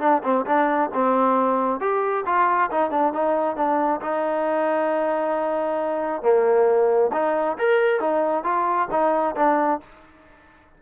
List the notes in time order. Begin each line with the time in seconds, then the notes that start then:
0.00 D4
0.23 C4
0.46 D4
0.94 C4
1.80 G4
2.26 F4
2.71 D#4
2.91 D4
3.13 D#4
3.56 D4
4.01 D#4
6.22 A#3
7.13 D#4
7.59 A#4
8.01 D#4
8.44 F4
8.91 D#4
9.36 D4